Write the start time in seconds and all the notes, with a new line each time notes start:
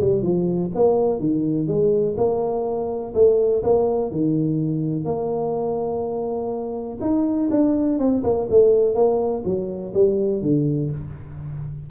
0.00 G3
0.22 F3
0.75 A#3
1.19 D#3
1.67 G#3
2.17 A#3
3.14 A3
3.63 A#3
4.11 D#3
5.05 A#3
7.01 D#4
7.50 D4
7.99 C4
8.23 A#3
8.50 A3
8.94 A#3
9.44 F#3
9.94 G3
10.42 D3